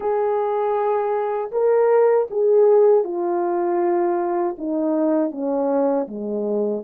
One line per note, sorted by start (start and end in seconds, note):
0.00 1.51 G#4
1.51 2.27 A#4
2.30 3.04 G#4
3.04 4.56 F4
4.58 5.31 D#4
5.31 6.07 C#4
6.07 6.83 G#3